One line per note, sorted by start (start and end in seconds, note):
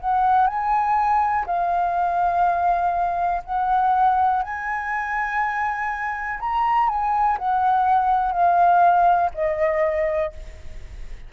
0.00 0.46 F#5
0.46 1.45 G#5
1.46 3.42 F5
3.44 4.43 F#5
4.43 6.39 G#5
6.40 6.89 A#5
6.89 7.38 G#5
7.38 8.32 F#5
8.32 9.30 F5
9.34 10.33 D#5